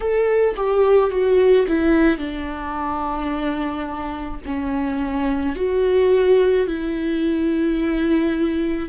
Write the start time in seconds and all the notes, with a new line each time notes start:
0.00 A4
0.56 G4
1.10 F#4
1.67 E4
2.17 D4
4.45 C#4
5.55 F#4
6.66 E4